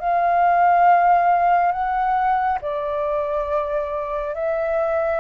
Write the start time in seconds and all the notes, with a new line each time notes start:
0.00 F5
1.72 F#5
2.62 D5
4.35 E5